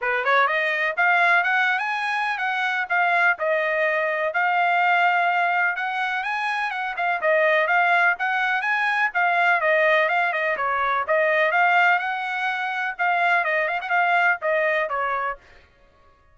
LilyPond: \new Staff \with { instrumentName = "trumpet" } { \time 4/4 \tempo 4 = 125 b'8 cis''8 dis''4 f''4 fis''8. gis''16~ | gis''4 fis''4 f''4 dis''4~ | dis''4 f''2. | fis''4 gis''4 fis''8 f''8 dis''4 |
f''4 fis''4 gis''4 f''4 | dis''4 f''8 dis''8 cis''4 dis''4 | f''4 fis''2 f''4 | dis''8 f''16 fis''16 f''4 dis''4 cis''4 | }